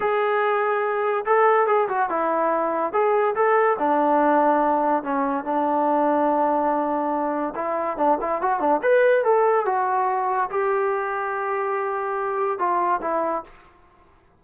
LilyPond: \new Staff \with { instrumentName = "trombone" } { \time 4/4 \tempo 4 = 143 gis'2. a'4 | gis'8 fis'8 e'2 gis'4 | a'4 d'2. | cis'4 d'2.~ |
d'2 e'4 d'8 e'8 | fis'8 d'8 b'4 a'4 fis'4~ | fis'4 g'2.~ | g'2 f'4 e'4 | }